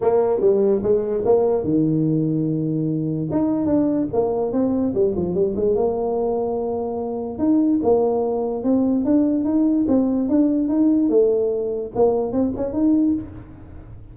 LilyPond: \new Staff \with { instrumentName = "tuba" } { \time 4/4 \tempo 4 = 146 ais4 g4 gis4 ais4 | dis1 | dis'4 d'4 ais4 c'4 | g8 f8 g8 gis8 ais2~ |
ais2 dis'4 ais4~ | ais4 c'4 d'4 dis'4 | c'4 d'4 dis'4 a4~ | a4 ais4 c'8 cis'8 dis'4 | }